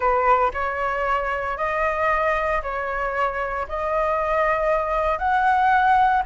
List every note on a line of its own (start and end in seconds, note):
0.00 0.51 B4
0.53 1.57 C#5
1.57 2.61 D#5
2.62 3.66 C#5
3.68 5.18 D#5
5.18 6.22 F#5